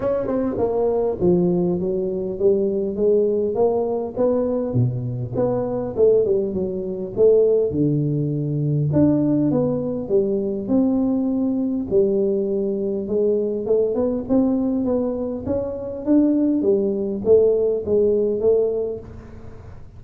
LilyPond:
\new Staff \with { instrumentName = "tuba" } { \time 4/4 \tempo 4 = 101 cis'8 c'8 ais4 f4 fis4 | g4 gis4 ais4 b4 | b,4 b4 a8 g8 fis4 | a4 d2 d'4 |
b4 g4 c'2 | g2 gis4 a8 b8 | c'4 b4 cis'4 d'4 | g4 a4 gis4 a4 | }